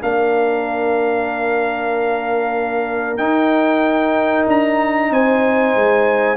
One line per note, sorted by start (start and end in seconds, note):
0.00 3.18 A#3
0.00 3.18 D4
0.00 5.11 A#4
0.00 3.17 F5
3.17 4.45 D#4
3.17 6.36 D#4
3.17 4.45 G5
4.47 5.10 D4
4.47 5.12 A#5
5.10 5.74 C4
5.10 6.36 C5
5.10 6.36 G#5
5.74 6.36 G#3